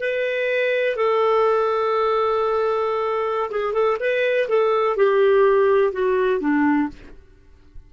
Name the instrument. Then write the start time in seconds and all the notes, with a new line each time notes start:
clarinet
0.00 B4
0.97 A4
3.51 G#4
3.73 A4
4.00 B4
4.49 A4
4.97 G4
5.93 F#4
6.40 D4